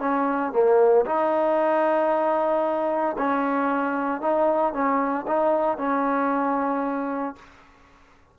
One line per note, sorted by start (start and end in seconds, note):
0.00 0.53 C#4
0.53 1.05 A#3
1.06 3.17 D#4
3.18 4.21 C#4
4.21 4.73 D#4
4.73 5.26 C#4
5.28 5.78 D#4
5.78 7.36 C#4